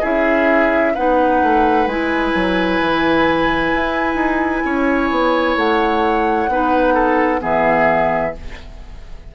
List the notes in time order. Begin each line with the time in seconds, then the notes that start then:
0.00 C#4 E4 G#4 E5
0.94 B3 D#4 B4 F#5
1.42 A3
1.86 G#3 E4 G#5
2.34 F#3
2.80 E3
3.75 E4
4.14 D#4
4.64 C#4 C#5
5.10 B3
5.56 A3 F#5
6.47 B3 D#4 B4
6.93 A4
7.39 E3 B3 G#4 E5